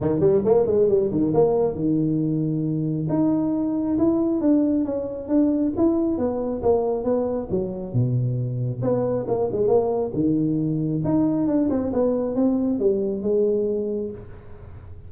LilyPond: \new Staff \with { instrumentName = "tuba" } { \time 4/4 \tempo 4 = 136 dis8 g8 ais8 gis8 g8 dis8 ais4 | dis2. dis'4~ | dis'4 e'4 d'4 cis'4 | d'4 e'4 b4 ais4 |
b4 fis4 b,2 | b4 ais8 gis8 ais4 dis4~ | dis4 dis'4 d'8 c'8 b4 | c'4 g4 gis2 | }